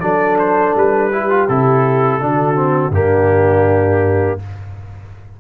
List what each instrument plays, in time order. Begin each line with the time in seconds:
0.00 tuba F#3, trombone D4, horn A4, trumpet D5
0.39 trumpet C5
0.75 tuba G3, trumpet B4
1.12 trombone E4, horn G4
1.30 trombone F4
1.48 tuba C3, trombone E4, trumpet A4
2.21 tuba D3, trombone D4, horn F#4
2.55 trombone C4
2.90 tuba G2, trombone A#3, horn D4, trumpet G4